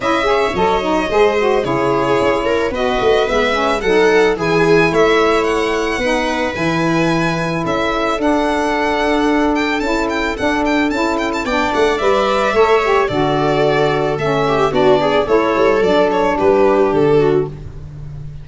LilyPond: <<
  \new Staff \with { instrumentName = "violin" } { \time 4/4 \tempo 4 = 110 e''4 dis''2 cis''4~ | cis''4 dis''4 e''4 fis''4 | gis''4 e''4 fis''2 | gis''2 e''4 fis''4~ |
fis''4. g''8 a''8 g''8 fis''8 g''8 | a''8 g''16 a''16 g''8 fis''8 e''2 | d''2 e''4 d''4 | cis''4 d''8 cis''8 b'4 a'4 | }
  \new Staff \with { instrumentName = "viola" } { \time 4/4 dis''8 cis''4. c''4 gis'4~ | gis'8 ais'8 b'2 a'4 | gis'4 cis''2 b'4~ | b'2 a'2~ |
a'1~ | a'4 d''2 cis''4 | a'2~ a'8 g'8 fis'8 gis'8 | a'2 g'4. fis'8 | }
  \new Staff \with { instrumentName = "saxophone" } { \time 4/4 e'8 gis'8 a'8 dis'8 gis'8 fis'8 e'4~ | e'4 fis'4 b8 cis'8 dis'4 | e'2. dis'4 | e'2. d'4~ |
d'2 e'4 d'4 | e'4 d'4 b'4 a'8 g'8 | fis'2 cis'4 d'4 | e'4 d'2. | }
  \new Staff \with { instrumentName = "tuba" } { \time 4/4 cis'4 fis4 gis4 cis4 | cis'4 b8 a8 gis4 fis4 | e4 a2 b4 | e2 cis'4 d'4~ |
d'2 cis'4 d'4 | cis'4 b8 a8 g4 a4 | d2 a4 b4 | a8 g8 fis4 g4 d4 | }
>>